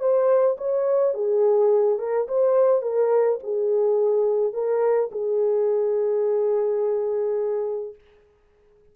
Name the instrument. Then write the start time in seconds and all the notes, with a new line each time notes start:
horn
0.00 C5
0.58 C#5
1.14 G#4
1.99 A#4
2.28 C5
2.82 A#4
3.44 G#4
4.54 A#4
5.12 G#4